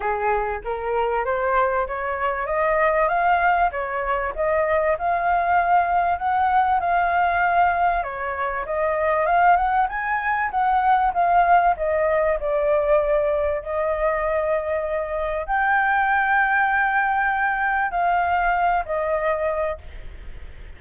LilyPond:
\new Staff \with { instrumentName = "flute" } { \time 4/4 \tempo 4 = 97 gis'4 ais'4 c''4 cis''4 | dis''4 f''4 cis''4 dis''4 | f''2 fis''4 f''4~ | f''4 cis''4 dis''4 f''8 fis''8 |
gis''4 fis''4 f''4 dis''4 | d''2 dis''2~ | dis''4 g''2.~ | g''4 f''4. dis''4. | }